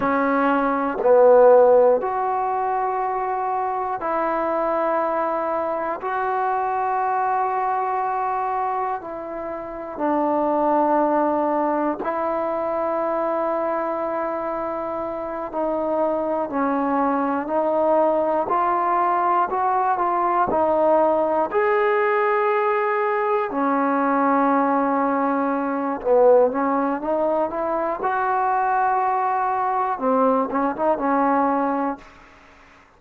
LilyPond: \new Staff \with { instrumentName = "trombone" } { \time 4/4 \tempo 4 = 60 cis'4 b4 fis'2 | e'2 fis'2~ | fis'4 e'4 d'2 | e'2.~ e'8 dis'8~ |
dis'8 cis'4 dis'4 f'4 fis'8 | f'8 dis'4 gis'2 cis'8~ | cis'2 b8 cis'8 dis'8 e'8 | fis'2 c'8 cis'16 dis'16 cis'4 | }